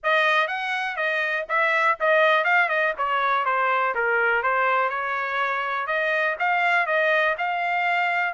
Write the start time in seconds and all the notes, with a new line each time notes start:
0.03 D#5
0.47 F#5
0.96 D#5
1.48 E5
2.00 D#5
2.44 F5
2.68 D#5
2.97 C#5
3.45 C5
3.94 A#4
4.42 C5
4.89 C#5
5.87 D#5
6.39 F5
6.86 D#5
7.37 F5